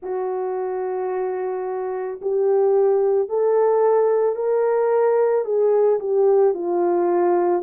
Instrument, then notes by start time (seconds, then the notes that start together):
horn
0.02 F#4
2.21 G4
3.28 A4
4.35 A#4
5.44 G#4
6.00 G4
6.54 F4